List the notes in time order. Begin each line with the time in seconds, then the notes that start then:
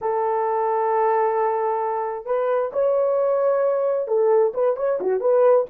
0.01 A4
2.25 B4
2.73 C#5
4.07 A4
4.54 B4
4.76 C#5
5.00 F#4
5.20 B4